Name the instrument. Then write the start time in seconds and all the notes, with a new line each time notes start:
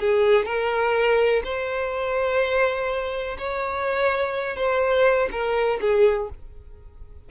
violin
0.00 G#4
0.46 A#4
1.44 C5
3.38 C#5
4.56 C5
5.31 A#4
5.81 G#4